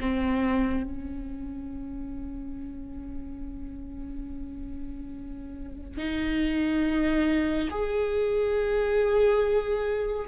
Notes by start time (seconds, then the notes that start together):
0.00 C4
0.83 C#4
5.97 D#4
7.70 G#4